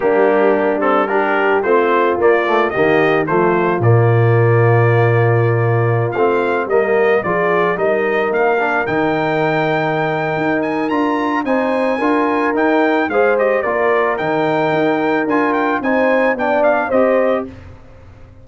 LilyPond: <<
  \new Staff \with { instrumentName = "trumpet" } { \time 4/4 \tempo 4 = 110 g'4. a'8 ais'4 c''4 | d''4 dis''4 c''4 d''4~ | d''2.~ d''16 f''8.~ | f''16 dis''4 d''4 dis''4 f''8.~ |
f''16 g''2.~ g''16 gis''8 | ais''4 gis''2 g''4 | f''8 dis''8 d''4 g''2 | gis''8 g''8 gis''4 g''8 f''8 dis''4 | }
  \new Staff \with { instrumentName = "horn" } { \time 4/4 d'2 g'4 f'4~ | f'4 g'4 f'2~ | f'1~ | f'16 ais'4 gis'4 ais'4.~ ais'16~ |
ais'1~ | ais'4 c''4 ais'2 | c''4 ais'2.~ | ais'4 c''4 d''4 c''4 | }
  \new Staff \with { instrumentName = "trombone" } { \time 4/4 ais4. c'8 d'4 c'4 | ais8 a8 ais4 a4 ais4~ | ais2.~ ais16 c'8.~ | c'16 ais4 f'4 dis'4. d'16~ |
d'16 dis'2.~ dis'8. | f'4 dis'4 f'4 dis'4 | gis'8 g'8 f'4 dis'2 | f'4 dis'4 d'4 g'4 | }
  \new Staff \with { instrumentName = "tuba" } { \time 4/4 g2. a4 | ais4 dis4 f4 ais,4~ | ais,2.~ ais,16 a8.~ | a16 g4 f4 g4 ais8.~ |
ais16 dis2~ dis8. dis'4 | d'4 c'4 d'4 dis'4 | gis4 ais4 dis4 dis'4 | d'4 c'4 b4 c'4 | }
>>